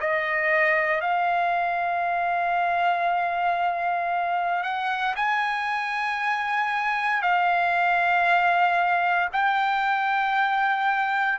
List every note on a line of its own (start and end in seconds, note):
0.00 1.01 D#5
1.01 4.63 F5
4.63 5.14 F#5
5.15 7.22 G#5
7.22 9.29 F5
9.32 11.38 G5